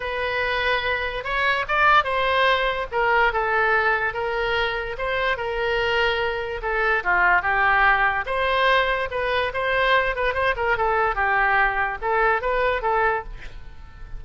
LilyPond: \new Staff \with { instrumentName = "oboe" } { \time 4/4 \tempo 4 = 145 b'2. cis''4 | d''4 c''2 ais'4 | a'2 ais'2 | c''4 ais'2. |
a'4 f'4 g'2 | c''2 b'4 c''4~ | c''8 b'8 c''8 ais'8 a'4 g'4~ | g'4 a'4 b'4 a'4 | }